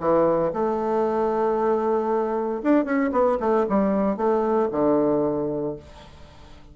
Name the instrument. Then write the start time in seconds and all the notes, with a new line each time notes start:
bassoon
0.00 E3
0.53 A3
2.63 D4
2.85 C#4
3.12 B3
3.40 A3
3.69 G3
4.17 A3
4.72 D3